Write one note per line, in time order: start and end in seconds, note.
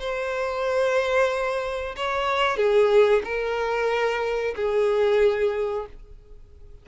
0.00 1.96 C5
1.97 2.57 C#5
2.57 3.23 G#4
3.25 4.55 A#4
4.56 5.87 G#4